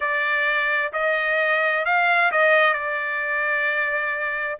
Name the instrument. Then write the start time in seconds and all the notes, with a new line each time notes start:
trumpet
0.00 D5
0.92 D#5
1.85 F5
2.31 D#5
2.73 D5